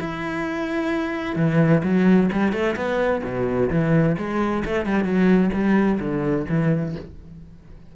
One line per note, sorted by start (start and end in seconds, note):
0.00 1.36 E4
1.36 1.82 E3
1.83 2.30 F#3
2.32 2.53 G3
2.53 2.76 A3
2.76 3.22 B3
3.24 3.70 B2
3.70 4.16 E3
4.18 4.64 G#3
4.65 4.86 A3
4.86 5.04 G3
5.04 5.50 F#3
5.53 6.00 G3
6.00 6.46 D3
6.49 6.95 E3